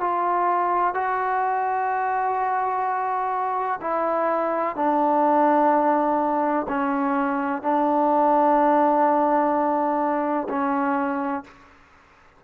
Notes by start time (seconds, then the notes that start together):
0.00 F4
0.94 F#4
3.81 E4
4.76 D4
6.68 C#4
7.62 D4
10.49 C#4